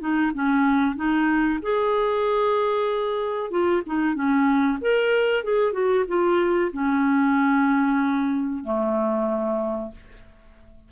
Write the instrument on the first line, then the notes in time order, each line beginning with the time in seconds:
clarinet
0.00 D#4
0.34 C#4
0.96 D#4
1.62 G#4
3.51 F4
3.86 D#4
4.15 C#4
4.81 A#4
5.44 G#4
5.73 F#4
6.08 F4
6.73 C#4
8.64 A3